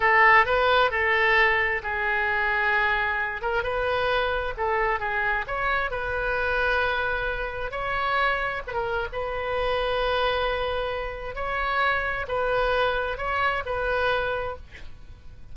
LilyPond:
\new Staff \with { instrumentName = "oboe" } { \time 4/4 \tempo 4 = 132 a'4 b'4 a'2 | gis'2.~ gis'8 ais'8 | b'2 a'4 gis'4 | cis''4 b'2.~ |
b'4 cis''2 b'16 ais'8. | b'1~ | b'4 cis''2 b'4~ | b'4 cis''4 b'2 | }